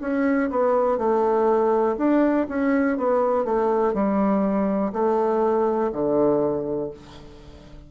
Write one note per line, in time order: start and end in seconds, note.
0.00 0.49 C#4
0.50 0.97 B3
0.97 1.96 A3
1.97 2.46 D4
2.48 2.97 C#4
2.97 3.44 B3
3.44 3.93 A3
3.93 4.92 G3
4.92 5.91 A3
5.92 6.90 D3